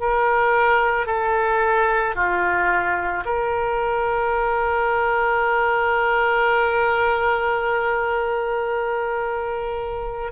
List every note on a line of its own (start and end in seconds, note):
0.00 1.06 A#4
1.06 2.15 A4
2.15 3.24 F4
3.25 10.32 A#4